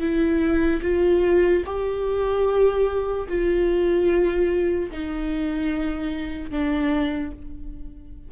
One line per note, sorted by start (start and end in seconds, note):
0.00 0.81 E4
0.83 1.64 F4
1.66 3.28 G4
3.28 4.91 F4
4.91 6.50 D#4
6.50 7.32 D4